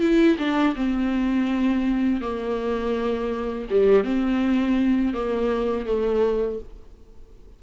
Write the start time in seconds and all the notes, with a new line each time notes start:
0.00 E4
0.38 D4
0.75 C4
2.21 A#3
3.70 G3
4.03 C4
5.13 A#3
5.86 A3